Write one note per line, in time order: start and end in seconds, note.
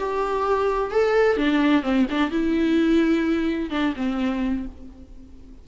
0.00 0.91 G4
0.91 1.37 A4
1.37 1.83 D4
1.83 2.06 C4
2.11 2.31 D4
2.31 3.71 E4
3.71 3.94 D4
3.96 4.66 C4